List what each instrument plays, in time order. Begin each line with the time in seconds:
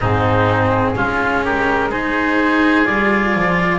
0.00 double bass G#2, cello C4, oboe D#4, flute G#4
0.95 double bass G#3, cello C#4, oboe F4
1.44 oboe G4, flute A#4
1.89 cello D#4, oboe G#4, flute C5
2.85 double bass G3, cello F4, flute D5
3.35 double bass F3